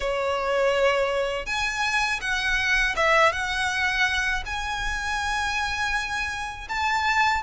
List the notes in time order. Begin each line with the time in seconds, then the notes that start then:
0.00 C#5
1.46 G#5
2.21 F#5
2.96 E5
3.32 F#5
4.45 G#5
6.68 A5